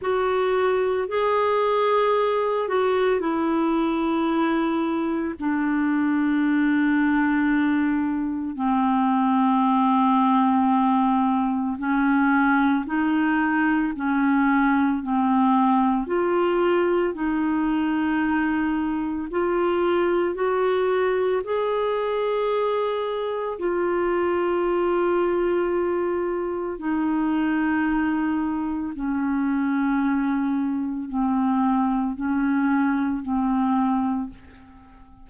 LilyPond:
\new Staff \with { instrumentName = "clarinet" } { \time 4/4 \tempo 4 = 56 fis'4 gis'4. fis'8 e'4~ | e'4 d'2. | c'2. cis'4 | dis'4 cis'4 c'4 f'4 |
dis'2 f'4 fis'4 | gis'2 f'2~ | f'4 dis'2 cis'4~ | cis'4 c'4 cis'4 c'4 | }